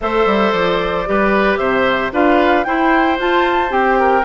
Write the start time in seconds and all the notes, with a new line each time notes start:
0.01 A3 A4 C5 E5
0.25 G3
0.52 F3 D5
1.06 G3 G4 B4
1.57 C3 C5 E5
2.12 D4 F4 B4 F5
2.64 E4 C5 G5
3.18 F4 A5
3.69 C4 G4 G5
3.99 A#4